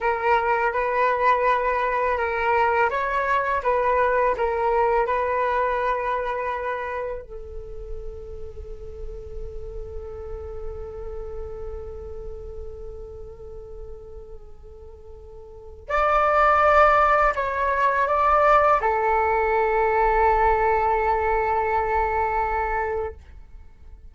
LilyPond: \new Staff \with { instrumentName = "flute" } { \time 4/4 \tempo 4 = 83 ais'4 b'2 ais'4 | cis''4 b'4 ais'4 b'4~ | b'2 a'2~ | a'1~ |
a'1~ | a'2 d''2 | cis''4 d''4 a'2~ | a'1 | }